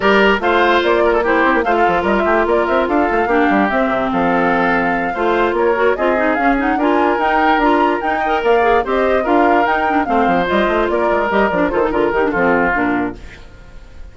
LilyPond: <<
  \new Staff \with { instrumentName = "flute" } { \time 4/4 \tempo 4 = 146 d''4 f''4 d''4 c''4 | f''4 dis''16 e''8. d''8 e''8 f''4~ | f''4 e''4 f''2~ | f''4. cis''4 dis''4 f''8 |
fis''8 gis''4 g''4 ais''4 g''8~ | g''8 f''4 dis''4 f''4 g''8~ | g''8 f''4 dis''4 d''4 dis''8 | d''8 c''8 ais'8 g'8 a'4 ais'4 | }
  \new Staff \with { instrumentName = "oboe" } { \time 4/4 ais'4 c''4. ais'16 a'16 g'4 | c''16 a'8. ais'8 g'8 ais'4 a'4 | g'2 a'2~ | a'8 c''4 ais'4 gis'4.~ |
gis'8 ais'2.~ ais'8 | dis''8 d''4 c''4 ais'4.~ | ais'8 c''2 ais'4.~ | ais'8 a'8 ais'4 f'2 | }
  \new Staff \with { instrumentName = "clarinet" } { \time 4/4 g'4 f'2 e'4 | f'1 | d'4 c'2.~ | c'8 f'4. fis'8 f'8 dis'8 cis'8 |
dis'8 f'4 dis'4 f'4 dis'8 | ais'4 gis'8 g'4 f'4 dis'8 | d'8 c'4 f'2 g'8 | d'8 f'16 dis'16 f'8 dis'16 d'16 c'4 d'4 | }
  \new Staff \with { instrumentName = "bassoon" } { \time 4/4 g4 a4 ais4. c'16 ais16 | a8 f8 g8 a8 ais8 c'8 d'8 a8 | ais8 g8 c'8 c8 f2~ | f8 a4 ais4 c'4 cis'8~ |
cis'8 d'4 dis'4 d'4 dis'8~ | dis'8 ais4 c'4 d'4 dis'8~ | dis'8 a8 f8 g8 a8 ais8 gis8 g8 | f8 dis8 d8 dis8 f4 ais,4 | }
>>